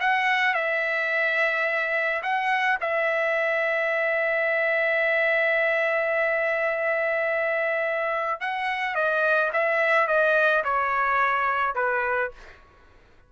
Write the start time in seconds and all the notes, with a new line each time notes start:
0.00 F#5
0.54 E5
2.23 F#5
2.81 E5
8.41 F#5
8.95 D#5
9.53 E5
10.07 D#5
10.64 C#5
11.75 B4